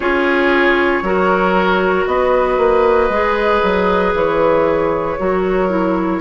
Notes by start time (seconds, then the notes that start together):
0.00 C#4 F4 G#4 C#5
1.02 F#3 F#4 A#4
2.06 B3 B4 D#5
2.57 A#3
3.09 G#3 G#4
3.62 F#3
4.13 E3 C#5
5.19 F#3 F#4 A#4
5.69 E4